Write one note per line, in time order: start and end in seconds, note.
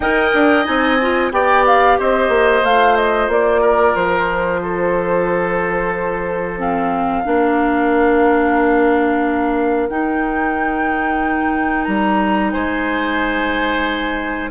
0.00 0.31 D#4
0.00 0.64 A#4
0.00 1.32 D#5
0.00 0.65 G5
0.34 0.67 D4
0.64 1.31 C4
0.64 0.97 D#4
0.64 1.31 G#5
1.01 1.32 F4
1.31 1.97 B3
1.31 2.63 G4
1.31 1.98 D5
1.31 1.65 G5
1.66 1.99 F5
1.98 2.28 C4
1.98 3.61 C5
1.98 2.65 D#5
2.28 2.61 A#3
2.63 3.27 A3
2.63 6.58 F4
2.63 2.96 F5
2.96 3.29 D#5
3.27 3.93 A#3
3.27 3.95 D5
3.61 4.60 A#4
3.95 7.25 F3
3.95 6.59 C5
4.62 7.26 A4
6.58 7.24 C4
6.58 9.88 F5
7.24 9.89 A#3
7.24 9.88 D4
7.24 12.52 A#4
9.88 11.87 D#4
9.88 14.50 D#4
9.88 11.84 G5
11.84 12.53 G3
11.84 12.49 A#5
12.51 14.50 G#3
12.51 14.50 C5
12.51 14.49 G#5